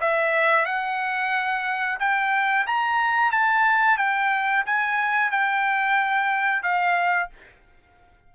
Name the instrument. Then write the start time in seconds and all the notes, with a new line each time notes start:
trumpet
0.00 E5
0.65 F#5
1.99 G5
2.66 A#5
3.31 A5
3.97 G5
4.65 G#5
5.31 G5
6.62 F5